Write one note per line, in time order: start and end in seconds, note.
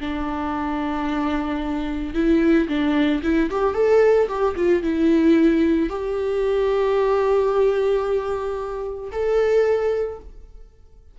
0.00 2.14 D4
2.14 2.68 E4
2.68 3.22 D4
3.23 3.50 E4
3.50 3.74 G4
3.74 4.28 A4
4.28 4.55 G4
4.56 4.82 F4
4.82 5.89 E4
5.89 9.10 G4
9.12 10.19 A4